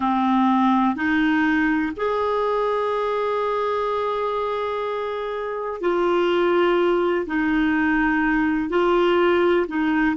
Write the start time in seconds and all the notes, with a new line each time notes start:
0.00 C4
0.95 D#4
1.96 G#4
5.80 F4
7.26 D#4
8.69 F4
9.67 D#4